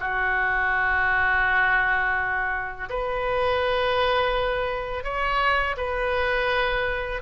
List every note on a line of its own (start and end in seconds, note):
0.00 2.89 F#4
2.89 5.04 B4
5.04 5.76 C#5
5.77 7.22 B4